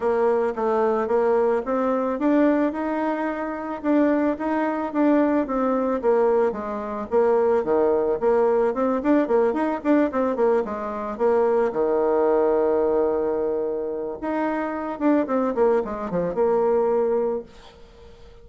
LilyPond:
\new Staff \with { instrumentName = "bassoon" } { \time 4/4 \tempo 4 = 110 ais4 a4 ais4 c'4 | d'4 dis'2 d'4 | dis'4 d'4 c'4 ais4 | gis4 ais4 dis4 ais4 |
c'8 d'8 ais8 dis'8 d'8 c'8 ais8 gis8~ | gis8 ais4 dis2~ dis8~ | dis2 dis'4. d'8 | c'8 ais8 gis8 f8 ais2 | }